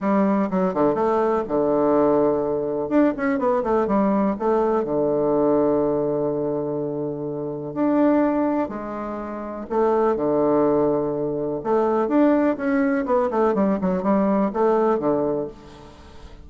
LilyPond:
\new Staff \with { instrumentName = "bassoon" } { \time 4/4 \tempo 4 = 124 g4 fis8 d8 a4 d4~ | d2 d'8 cis'8 b8 a8 | g4 a4 d2~ | d1 |
d'2 gis2 | a4 d2. | a4 d'4 cis'4 b8 a8 | g8 fis8 g4 a4 d4 | }